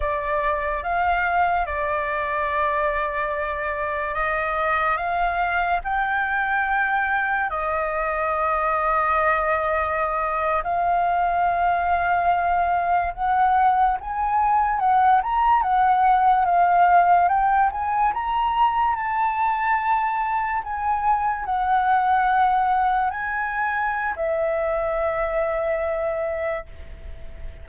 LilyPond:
\new Staff \with { instrumentName = "flute" } { \time 4/4 \tempo 4 = 72 d''4 f''4 d''2~ | d''4 dis''4 f''4 g''4~ | g''4 dis''2.~ | dis''8. f''2. fis''16~ |
fis''8. gis''4 fis''8 ais''8 fis''4 f''16~ | f''8. g''8 gis''8 ais''4 a''4~ a''16~ | a''8. gis''4 fis''2 gis''16~ | gis''4 e''2. | }